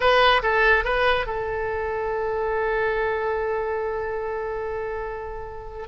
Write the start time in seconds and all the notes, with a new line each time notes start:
0.00 B4
0.42 A4
0.84 B4
1.26 A4